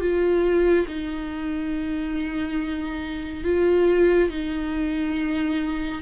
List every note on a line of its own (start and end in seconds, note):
0.00 0.86 F4
0.87 3.44 D#4
3.44 4.29 F4
4.30 6.01 D#4